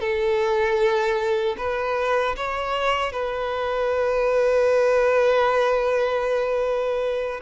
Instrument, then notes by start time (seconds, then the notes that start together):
violin
0.00 A4
1.58 B4
2.37 C#5
3.12 B4